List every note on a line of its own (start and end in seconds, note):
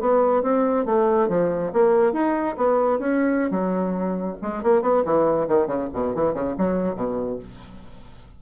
0.00 0.42 B3
0.42 0.85 C4
0.85 1.28 A3
1.28 1.71 F3
1.73 2.12 A#3
2.12 2.56 D#4
2.57 2.99 B3
2.99 3.50 C#4
3.50 4.37 F#3
4.41 4.63 G#3
4.63 4.81 A#3
4.81 5.03 B3
5.05 5.47 E3
5.47 5.67 D#3
5.67 5.88 C#3
5.93 6.15 B2
6.15 6.33 E3
6.33 6.55 C#3
6.57 6.95 F#3
6.95 7.38 B2